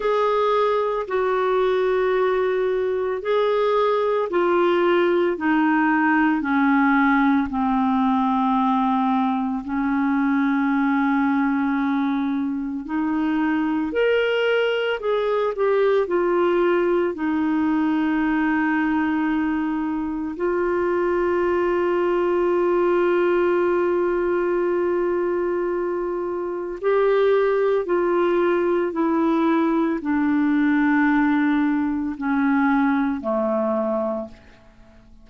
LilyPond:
\new Staff \with { instrumentName = "clarinet" } { \time 4/4 \tempo 4 = 56 gis'4 fis'2 gis'4 | f'4 dis'4 cis'4 c'4~ | c'4 cis'2. | dis'4 ais'4 gis'8 g'8 f'4 |
dis'2. f'4~ | f'1~ | f'4 g'4 f'4 e'4 | d'2 cis'4 a4 | }